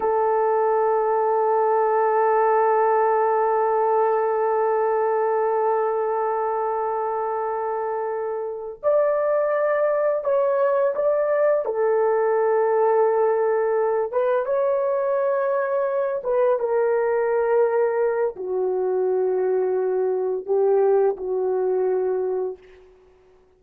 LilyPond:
\new Staff \with { instrumentName = "horn" } { \time 4/4 \tempo 4 = 85 a'1~ | a'1~ | a'1~ | a'8 d''2 cis''4 d''8~ |
d''8 a'2.~ a'8 | b'8 cis''2~ cis''8 b'8 ais'8~ | ais'2 fis'2~ | fis'4 g'4 fis'2 | }